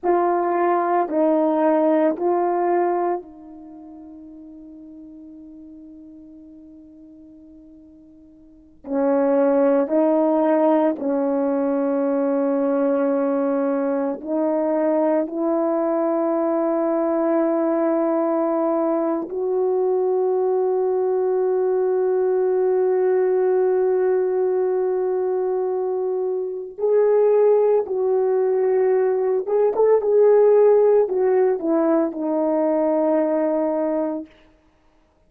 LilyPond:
\new Staff \with { instrumentName = "horn" } { \time 4/4 \tempo 4 = 56 f'4 dis'4 f'4 dis'4~ | dis'1~ | dis'16 cis'4 dis'4 cis'4.~ cis'16~ | cis'4~ cis'16 dis'4 e'4.~ e'16~ |
e'2 fis'2~ | fis'1~ | fis'4 gis'4 fis'4. gis'16 a'16 | gis'4 fis'8 e'8 dis'2 | }